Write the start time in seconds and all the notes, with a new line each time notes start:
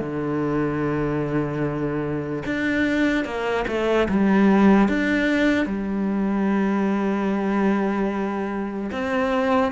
0.00 D3
2.45 D4
3.25 A#3
3.67 A3
4.09 G3
4.88 D4
5.66 G3
8.92 C4